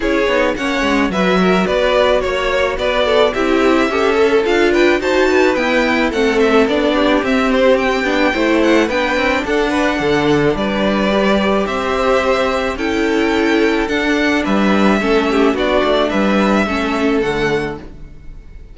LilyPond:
<<
  \new Staff \with { instrumentName = "violin" } { \time 4/4 \tempo 4 = 108 cis''4 fis''4 e''4 d''4 | cis''4 d''4 e''2 | f''8 g''8 a''4 g''4 fis''8 e''8 | d''4 e''8 c''8 g''4. fis''8 |
g''4 fis''2 d''4~ | d''4 e''2 g''4~ | g''4 fis''4 e''2 | d''4 e''2 fis''4 | }
  \new Staff \with { instrumentName = "violin" } { \time 4/4 gis'4 cis''4 b'8 ais'8 b'4 | cis''4 b'8 a'8 g'4 a'4~ | a'8 b'8 c''8 b'4. a'4~ | a'8 g'2~ g'8 c''4 |
b'4 a'8 b'8 a'4 b'4~ | b'4 c''2 a'4~ | a'2 b'4 a'8 g'8 | fis'4 b'4 a'2 | }
  \new Staff \with { instrumentName = "viola" } { \time 4/4 e'8 dis'8 cis'4 fis'2~ | fis'2 e'4 g'8 a'8 | f'4 fis'4 b4 c'4 | d'4 c'4. d'8 e'4 |
d'1 | g'2. e'4~ | e'4 d'2 cis'4 | d'2 cis'4 a4 | }
  \new Staff \with { instrumentName = "cello" } { \time 4/4 cis'8 b8 ais8 gis8 fis4 b4 | ais4 b4 c'4 cis'4 | d'4 dis'4 e'4 a4 | b4 c'4. b8 a4 |
b8 c'8 d'4 d4 g4~ | g4 c'2 cis'4~ | cis'4 d'4 g4 a4 | b8 a8 g4 a4 d4 | }
>>